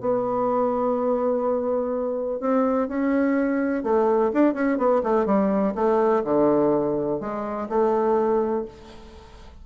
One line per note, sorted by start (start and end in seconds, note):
0.00 2.40 B3
2.40 2.88 C4
2.88 3.83 C#4
3.83 4.31 A3
4.33 4.54 D4
4.54 4.78 C#4
4.78 5.02 B3
5.03 5.26 A3
5.26 5.74 G3
5.75 6.23 A3
6.24 7.20 D3
7.20 7.68 G#3
7.69 8.65 A3